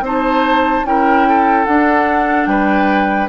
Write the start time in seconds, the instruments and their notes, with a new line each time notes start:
0.00 bassoon C4, clarinet D#4, oboe C5
0.06 flute A5
0.84 bassoon C#4, clarinet E4, oboe A#4, flute G5
1.28 oboe A4
1.65 bassoon D4, clarinet D4, flute F#5
2.46 bassoon G3, oboe B4, flute G5